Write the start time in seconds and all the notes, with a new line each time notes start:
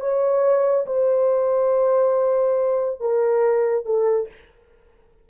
0.00 C#5
0.86 C5
3.00 A#4
3.85 A4